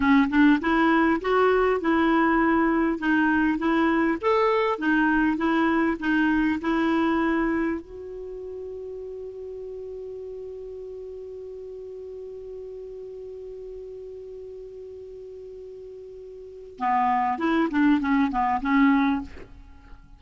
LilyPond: \new Staff \with { instrumentName = "clarinet" } { \time 4/4 \tempo 4 = 100 cis'8 d'8 e'4 fis'4 e'4~ | e'4 dis'4 e'4 a'4 | dis'4 e'4 dis'4 e'4~ | e'4 fis'2.~ |
fis'1~ | fis'1~ | fis'1 | b4 e'8 d'8 cis'8 b8 cis'4 | }